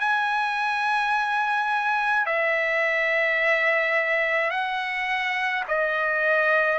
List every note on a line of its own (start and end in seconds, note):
0.00 2.26 G#5
2.26 4.50 E5
4.50 5.63 F#5
5.68 6.78 D#5